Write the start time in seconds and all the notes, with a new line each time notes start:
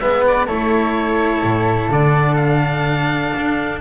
0.00 G#3 B3 B4 E5
0.28 D5
0.46 A3 E4 A4 C#5
1.43 A2
1.90 D3 D4 D5
2.36 F5
3.37 D4